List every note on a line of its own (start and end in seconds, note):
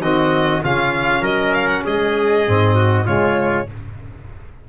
0.00 0.61 D#3
0.00 0.64 C4
0.00 0.63 F#4
0.00 0.63 D#5
0.63 1.21 C#3
0.63 2.47 C#4
0.63 1.22 F4
0.63 1.25 F5
1.21 1.83 F#3
1.21 1.83 A#4
1.21 1.54 D#5
1.54 1.68 F5
1.68 1.83 F#5
1.85 2.48 G#3
1.85 2.75 G#4
1.85 3.07 D#5
2.47 3.08 G#2
2.47 3.06 C4
2.75 3.06 F#4
3.06 3.69 C#3
3.06 3.67 G#3
3.06 3.67 F4
3.06 3.68 C#5